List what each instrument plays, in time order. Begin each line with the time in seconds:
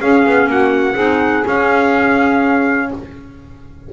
0.00 clarinet C#4, double bass C#4, saxophone G#4, trumpet F5
0.26 double bass B3
0.47 double bass A#3, saxophone F#4, trumpet F#5
0.94 double bass C4, clarinet D#4, saxophone G#4
1.46 clarinet C#4, double bass C#4, trumpet F5